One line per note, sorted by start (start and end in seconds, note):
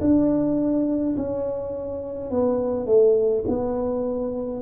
0.00 1.15 D4
1.16 2.30 C#4
2.30 2.86 B3
2.86 3.44 A3
3.48 4.62 B3